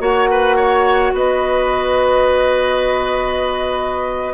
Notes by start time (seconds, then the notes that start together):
0.00 A#3 F#4 C#5 F#5
0.31 B4
0.57 C#5
1.13 B3 B4 D#5